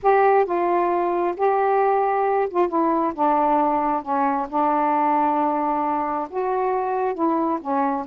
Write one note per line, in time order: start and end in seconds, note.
0.02 0.45 G4
0.45 1.35 F4
1.36 2.48 G4
2.50 2.68 F4
2.68 3.13 E4
3.14 4.02 D4
4.02 4.47 C#4
4.49 6.28 D4
6.30 7.14 F#4
7.14 7.59 E4
7.61 8.06 C#4